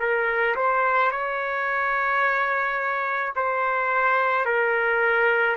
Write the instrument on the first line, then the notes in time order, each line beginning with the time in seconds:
trumpet
0.00 A#4
0.56 C5
1.12 C#5
3.36 C5
4.46 A#4